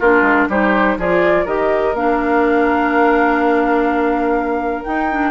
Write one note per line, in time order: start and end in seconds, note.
0.00 0.22 A#3
0.00 0.51 D4
0.00 0.48 F4
0.00 0.48 A#4
0.22 0.46 G#3
0.49 0.97 G3
0.49 0.99 D#4
0.49 0.98 G4
0.49 0.99 C5
0.98 1.46 F3
0.98 1.47 F4
0.98 1.45 G#4
0.98 1.47 D5
1.45 1.94 D#3
1.45 1.95 G4
1.45 5.32 A#4
1.45 1.95 D#5
1.94 4.84 A#3
1.94 4.86 D4
1.94 4.84 F5
4.84 5.10 D#4
4.84 5.32 D#4
4.84 5.32 G5
5.11 5.32 D4